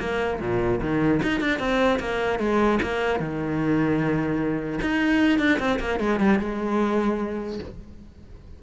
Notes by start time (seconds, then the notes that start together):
0.00 A#3
0.41 A#2
0.82 D#3
1.23 D#4
1.41 D4
1.59 C4
2.00 A#3
2.39 G#3
2.83 A#3
3.20 D#3
4.82 D#4
5.39 D4
5.60 C4
5.80 A#3
6.00 G#3
6.20 G3
6.40 G#3